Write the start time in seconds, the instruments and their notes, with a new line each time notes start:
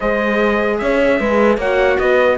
0.00 cello G#3, viola G#4, horn C5, trumpet D#5
0.78 cello C#4, horn C#5, trumpet E5
1.19 cello G#3, horn B4
1.57 cello A#3, viola F#4, horn C#5, trumpet F#5
1.98 cello B3, horn B4, trumpet D#5